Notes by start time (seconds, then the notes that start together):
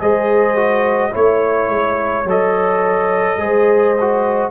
0.00 G#3 G#4 C5 D#5
0.56 F#4
1.11 A3 E4 C#5
1.68 G#3
2.25 F#3 A4 D#5
3.37 G#3 G#4 C5
4.00 F#4